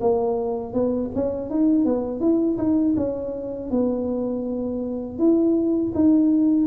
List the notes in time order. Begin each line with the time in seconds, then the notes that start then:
0.00 A#3
0.73 B3
1.15 C#4
1.49 D#4
1.85 B3
2.20 E4
2.58 D#4
2.96 C#4
3.70 B3
5.18 E4
5.94 D#4